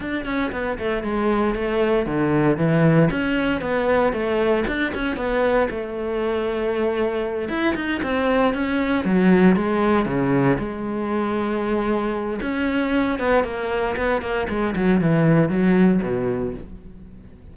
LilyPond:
\new Staff \with { instrumentName = "cello" } { \time 4/4 \tempo 4 = 116 d'8 cis'8 b8 a8 gis4 a4 | d4 e4 cis'4 b4 | a4 d'8 cis'8 b4 a4~ | a2~ a8 e'8 dis'8 c'8~ |
c'8 cis'4 fis4 gis4 cis8~ | cis8 gis2.~ gis8 | cis'4. b8 ais4 b8 ais8 | gis8 fis8 e4 fis4 b,4 | }